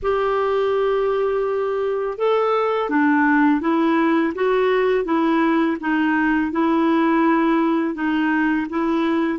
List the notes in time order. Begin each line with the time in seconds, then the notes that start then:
0.02 G4
2.18 A4
2.89 D4
3.60 E4
4.34 F#4
5.04 E4
5.80 D#4
6.51 E4
7.94 D#4
8.69 E4